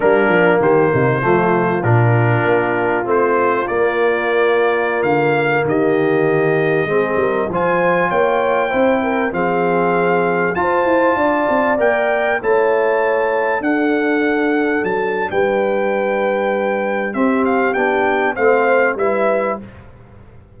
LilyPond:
<<
  \new Staff \with { instrumentName = "trumpet" } { \time 4/4 \tempo 4 = 98 ais'4 c''2 ais'4~ | ais'4 c''4 d''2~ | d''16 f''4 dis''2~ dis''8.~ | dis''16 gis''4 g''2 f''8.~ |
f''4~ f''16 a''2 g''8.~ | g''16 a''2 fis''4.~ fis''16~ | fis''16 a''8. g''2. | e''8 f''8 g''4 f''4 e''4 | }
  \new Staff \with { instrumentName = "horn" } { \time 4/4 d'4 g'8 dis'8 f'2~ | f'1~ | f'4~ f'16 g'2 gis'8 ais'16~ | ais'16 c''4 cis''4 c''8 ais'8 gis'8.~ |
gis'4~ gis'16 c''4 d''4.~ d''16~ | d''16 cis''2 a'4.~ a'16~ | a'4 b'2. | g'2 c''4 b'4 | }
  \new Staff \with { instrumentName = "trombone" } { \time 4/4 ais2 a4 d'4~ | d'4 c'4 ais2~ | ais2.~ ais16 c'8.~ | c'16 f'2 e'4 c'8.~ |
c'4~ c'16 f'2 ais'8.~ | ais'16 e'2 d'4.~ d'16~ | d'1 | c'4 d'4 c'4 e'4 | }
  \new Staff \with { instrumentName = "tuba" } { \time 4/4 g8 f8 dis8 c8 f4 ais,4 | ais4 a4 ais2~ | ais16 d4 dis2 gis8 g16~ | g16 f4 ais4 c'4 f8.~ |
f4~ f16 f'8 e'8 d'8 c'8 ais8.~ | ais16 a2 d'4.~ d'16~ | d'16 fis8. g2. | c'4 b4 a4 g4 | }
>>